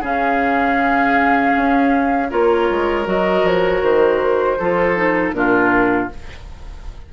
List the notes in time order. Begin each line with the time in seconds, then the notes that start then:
0.00 C#3 C#4 G#4 F5
1.56 C#4
2.30 A#3 F4 A#4 C#5
2.70 G#3
3.05 F#3 F#4 D#5
3.43 F3 C#5
3.82 D#3 C5
4.59 F3 F4 A4
4.96 D#4
5.33 A#2 D4 F4 A#4